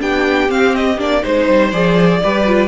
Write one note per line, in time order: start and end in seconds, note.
0.00 0.50 B3
0.00 0.49 D4
0.00 1.22 G4
0.00 0.51 G5
0.49 0.98 C4
0.49 0.75 F5
0.75 1.00 D#5
0.98 1.23 A#3
0.98 1.23 D4
0.98 1.25 D5
1.22 1.48 G#3
1.22 1.72 D#4
1.22 2.21 C5
1.22 1.72 C5
1.48 1.73 G3
1.72 2.22 F3
1.72 2.22 G#4
1.72 2.68 D5
2.24 2.68 G3
2.24 2.47 G4
2.24 2.68 B4
2.47 2.68 F4